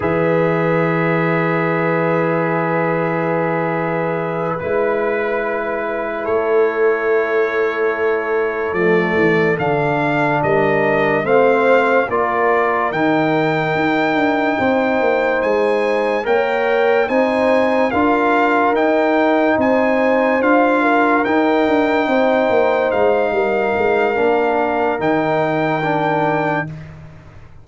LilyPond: <<
  \new Staff \with { instrumentName = "trumpet" } { \time 4/4 \tempo 4 = 72 e''1~ | e''4. b'2 cis''8~ | cis''2~ cis''8 d''4 f''8~ | f''8 dis''4 f''4 d''4 g''8~ |
g''2~ g''8 gis''4 g''8~ | g''8 gis''4 f''4 g''4 gis''8~ | gis''8 f''4 g''2 f''8~ | f''2 g''2 | }
  \new Staff \with { instrumentName = "horn" } { \time 4/4 b'1~ | b'2.~ b'8 a'8~ | a'1~ | a'8 ais'4 c''4 ais'4.~ |
ais'4. c''2 cis''8~ | cis''8 c''4 ais'2 c''8~ | c''4 ais'4. c''4. | ais'1 | }
  \new Staff \with { instrumentName = "trombone" } { \time 4/4 gis'1~ | gis'4. e'2~ e'8~ | e'2~ e'8 a4 d'8~ | d'4. c'4 f'4 dis'8~ |
dis'2.~ dis'8 ais'8~ | ais'8 dis'4 f'4 dis'4.~ | dis'8 f'4 dis'2~ dis'8~ | dis'4 d'4 dis'4 d'4 | }
  \new Staff \with { instrumentName = "tuba" } { \time 4/4 e1~ | e4. gis2 a8~ | a2~ a8 f8 e8 d8~ | d8 g4 a4 ais4 dis8~ |
dis8 dis'8 d'8 c'8 ais8 gis4 ais8~ | ais8 c'4 d'4 dis'4 c'8~ | c'8 d'4 dis'8 d'8 c'8 ais8 gis8 | g8 gis8 ais4 dis2 | }
>>